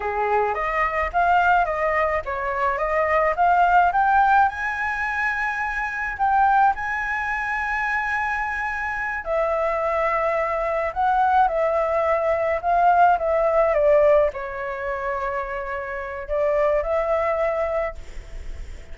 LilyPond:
\new Staff \with { instrumentName = "flute" } { \time 4/4 \tempo 4 = 107 gis'4 dis''4 f''4 dis''4 | cis''4 dis''4 f''4 g''4 | gis''2. g''4 | gis''1~ |
gis''8 e''2. fis''8~ | fis''8 e''2 f''4 e''8~ | e''8 d''4 cis''2~ cis''8~ | cis''4 d''4 e''2 | }